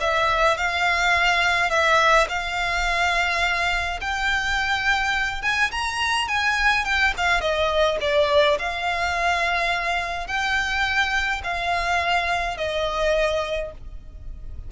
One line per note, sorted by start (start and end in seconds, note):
0.00 0.57 E5
0.57 1.70 F5
1.70 2.27 E5
2.28 4.00 F5
4.00 5.42 G5
5.42 5.70 G#5
5.71 6.28 A#5
6.28 6.85 G#5
6.85 7.13 G5
7.17 7.40 F5
7.40 7.97 D#5
8.01 8.58 D5
8.58 10.27 F5
10.27 11.41 G5
11.43 12.57 F5
12.57 13.71 D#5